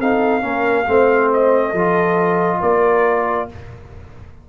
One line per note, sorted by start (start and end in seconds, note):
0.00 0.43 C4
0.00 0.42 D#4
0.00 0.43 A4
0.00 1.32 F5
0.42 0.87 A#3
0.42 0.85 C#4
0.42 0.86 A#4
0.88 1.74 A3
0.88 1.75 C4
0.88 1.70 C5
1.34 2.62 D#5
1.70 2.61 F3
1.70 3.50 F4
1.70 2.57 A4
2.61 3.50 A#3
2.61 3.47 A#4
2.61 3.49 D5